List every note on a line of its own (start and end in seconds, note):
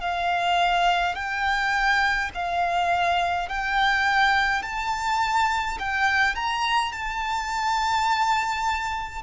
0.00 1.15 F5
1.15 2.30 G5
2.34 3.49 F5
3.49 4.63 G5
4.63 5.78 A5
5.79 6.35 G5
6.35 6.92 A#5
6.92 9.23 A5